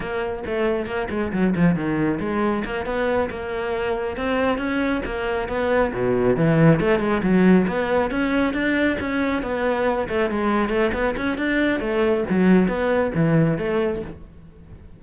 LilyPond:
\new Staff \with { instrumentName = "cello" } { \time 4/4 \tempo 4 = 137 ais4 a4 ais8 gis8 fis8 f8 | dis4 gis4 ais8 b4 ais8~ | ais4. c'4 cis'4 ais8~ | ais8 b4 b,4 e4 a8 |
gis8 fis4 b4 cis'4 d'8~ | d'8 cis'4 b4. a8 gis8~ | gis8 a8 b8 cis'8 d'4 a4 | fis4 b4 e4 a4 | }